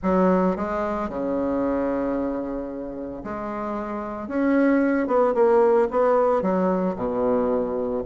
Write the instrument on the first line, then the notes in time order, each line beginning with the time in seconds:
bassoon
0.03 F#3
0.56 G#3
1.09 C#3
3.23 G#3
4.28 C#4
5.07 B3
5.34 A#3
5.91 B3
6.42 F#3
6.96 B2